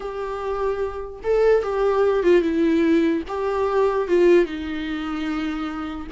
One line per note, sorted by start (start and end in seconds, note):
0.00 1.20 G4
1.23 1.62 A4
1.62 2.23 G4
2.23 2.41 F4
2.41 3.22 E4
3.28 4.08 G4
4.08 4.45 F4
4.45 6.07 D#4